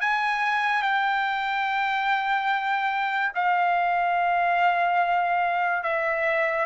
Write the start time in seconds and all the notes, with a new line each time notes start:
0.00 G#5
0.82 G5
3.34 F5
5.83 E5